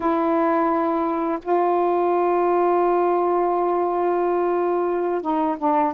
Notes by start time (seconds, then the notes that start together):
0.00 E4
1.42 F4
5.21 D#4
5.58 D4